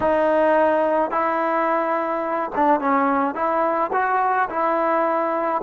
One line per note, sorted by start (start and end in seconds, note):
0.00 1.10 D#4
1.10 2.51 E4
2.55 2.80 D4
2.80 3.34 C#4
3.34 3.90 E4
3.93 4.49 F#4
4.49 5.61 E4